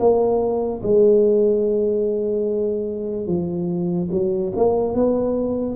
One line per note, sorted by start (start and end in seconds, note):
0.00 0.82 A#3
0.83 3.27 G#3
3.27 4.09 F3
4.12 4.53 F#3
4.57 4.95 A#3
4.95 5.76 B3